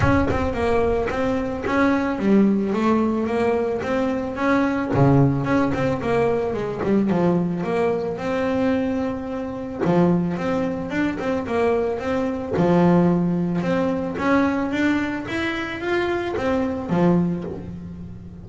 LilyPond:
\new Staff \with { instrumentName = "double bass" } { \time 4/4 \tempo 4 = 110 cis'8 c'8 ais4 c'4 cis'4 | g4 a4 ais4 c'4 | cis'4 cis4 cis'8 c'8 ais4 | gis8 g8 f4 ais4 c'4~ |
c'2 f4 c'4 | d'8 c'8 ais4 c'4 f4~ | f4 c'4 cis'4 d'4 | e'4 f'4 c'4 f4 | }